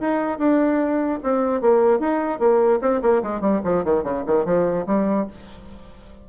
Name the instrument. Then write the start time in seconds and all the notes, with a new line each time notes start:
bassoon
0.00 D#4
0.38 D4
1.23 C4
1.61 A#3
1.99 D#4
2.39 A#3
2.81 C4
3.02 A#3
3.23 G#3
3.41 G3
3.64 F3
3.84 D#3
4.03 C#3
4.26 D#3
4.45 F3
4.86 G3